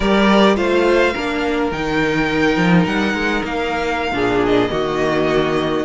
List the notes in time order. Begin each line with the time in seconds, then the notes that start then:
0.00 G3 G4 A#4 D5
0.55 A3 F4 C5 F5
1.13 A#3 D4 A#4
1.71 D#3 D#4 G5
2.56 F3
2.85 G3 F#5
3.14 G#3
3.43 A#3 F5
4.11 A#2 D4 G#4
4.45 D#5
4.69 D#3 A#3 F#4